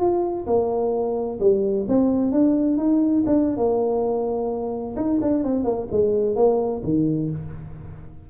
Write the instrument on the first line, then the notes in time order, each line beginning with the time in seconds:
tuba
0.00 F4
0.47 A#3
1.40 G3
1.89 C4
2.32 D4
2.78 D#4
3.27 D4
3.57 A#3
4.97 D#4
5.22 D4
5.44 C4
5.65 A#3
5.92 G#3
6.36 A#3
6.84 D#3